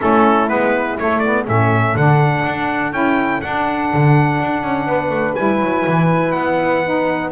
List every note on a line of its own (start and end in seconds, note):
0.01 0.50 A3
0.01 0.48 C#4
0.01 1.46 E4
0.01 0.48 A4
0.48 0.99 G#3
0.48 0.96 B3
0.48 0.97 B4
0.98 1.24 A3
0.98 1.48 A3
0.98 1.19 C#5
1.19 1.46 B3
1.19 1.43 D5
1.46 1.95 A2
1.46 1.95 C#4
1.46 4.87 A4
1.46 1.97 E5
1.95 2.44 D3
1.95 2.92 D4
1.95 2.93 F#5
2.45 2.92 D4
2.92 3.41 C#4
2.92 3.41 E4
2.92 3.41 G5
3.41 5.37 D4
3.41 3.92 D4
3.41 5.35 F#5
3.93 4.40 D3
4.40 4.63 D4
4.63 4.86 C#4
4.86 5.09 B3
4.86 7.31 B4
5.09 5.33 A3
5.35 5.60 G3
5.35 6.83 E4
5.35 6.32 G#5
5.60 5.84 F#3
5.86 6.34 E3
6.32 7.31 B3
6.32 7.29 F#5
6.83 7.31 D#4